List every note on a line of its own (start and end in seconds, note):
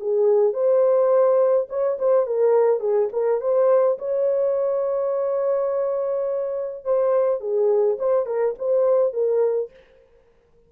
0.00 0.53 G#4
0.53 1.67 C5
1.69 1.98 C#5
1.98 2.26 C5
2.26 2.80 A#4
2.80 3.09 G#4
3.12 3.41 A#4
3.41 3.98 C5
3.98 6.84 C#5
6.84 7.40 C5
7.40 7.97 G#4
7.99 8.26 C5
8.26 8.55 A#4
8.58 9.13 C5
9.13 9.70 A#4